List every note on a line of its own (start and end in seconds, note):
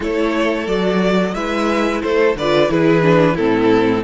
0.00 0.66 A3
0.00 0.68 E4
0.00 1.33 A4
0.00 0.67 C#5
0.66 1.34 F#3
0.66 1.35 F#4
0.66 1.34 D5
1.34 2.01 G#3
1.34 2.36 E4
1.34 2.02 B4
1.34 2.01 E5
2.02 2.35 A3
2.02 2.37 A4
2.02 2.35 C5
2.35 2.69 D3
2.35 2.69 F4
2.35 2.71 B4
2.35 2.71 D5
2.69 3.37 E3
2.69 3.02 E4
2.69 3.34 G#4
2.69 3.36 B4
3.02 3.35 D4
3.34 4.04 A2
3.34 4.04 C4
3.34 4.01 E4
3.34 4.03 A4